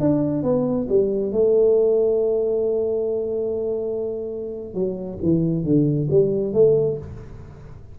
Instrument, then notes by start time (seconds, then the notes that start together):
tuba
0.00 D4
0.43 B3
0.88 G3
1.32 A3
4.74 F#3
5.22 E3
5.64 D3
6.10 G3
6.53 A3